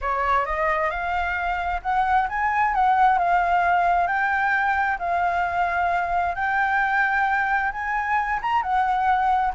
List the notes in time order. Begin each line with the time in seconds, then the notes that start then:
0.01 C#5
0.45 D#5
0.90 F5
1.82 F#5
2.29 G#5
2.74 F#5
3.18 F5
4.07 G5
4.98 F5
6.35 G5
7.71 G#5
8.42 A#5
8.62 F#5